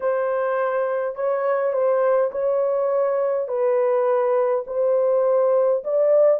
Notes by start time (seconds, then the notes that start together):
0.00 C5
1.15 C#5
1.72 C5
2.31 C#5
3.48 B4
4.67 C5
5.84 D5